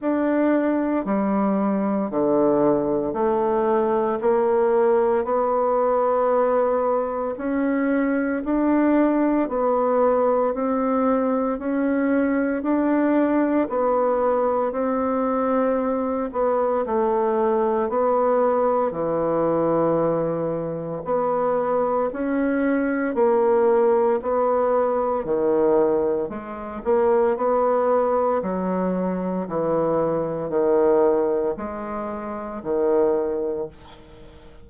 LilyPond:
\new Staff \with { instrumentName = "bassoon" } { \time 4/4 \tempo 4 = 57 d'4 g4 d4 a4 | ais4 b2 cis'4 | d'4 b4 c'4 cis'4 | d'4 b4 c'4. b8 |
a4 b4 e2 | b4 cis'4 ais4 b4 | dis4 gis8 ais8 b4 fis4 | e4 dis4 gis4 dis4 | }